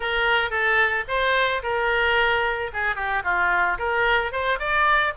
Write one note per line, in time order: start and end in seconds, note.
0.00 0.50 A#4
0.50 1.04 A4
1.08 1.62 C5
1.62 2.71 A#4
2.73 2.95 G#4
2.95 3.22 G4
3.24 3.78 F4
3.78 4.31 A#4
4.31 4.58 C5
4.59 5.13 D5